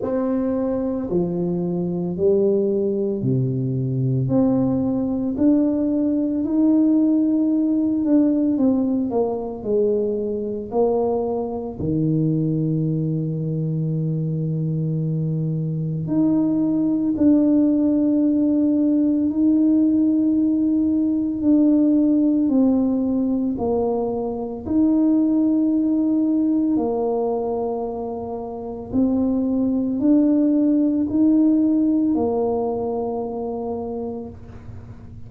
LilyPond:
\new Staff \with { instrumentName = "tuba" } { \time 4/4 \tempo 4 = 56 c'4 f4 g4 c4 | c'4 d'4 dis'4. d'8 | c'8 ais8 gis4 ais4 dis4~ | dis2. dis'4 |
d'2 dis'2 | d'4 c'4 ais4 dis'4~ | dis'4 ais2 c'4 | d'4 dis'4 ais2 | }